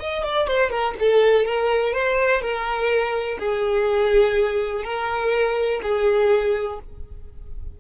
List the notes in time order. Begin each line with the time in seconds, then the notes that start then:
0.00 D#5
0.24 D5
0.48 C5
0.71 A#4
1.00 A4
1.46 A#4
1.94 C5
2.42 A#4
3.39 G#4
4.84 A#4
5.83 G#4